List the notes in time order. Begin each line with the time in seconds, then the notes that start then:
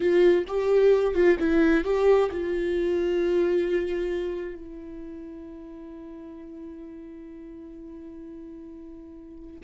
0.00 F4
0.47 G4
1.14 F4
1.39 E4
1.84 G4
2.31 F4
4.55 E4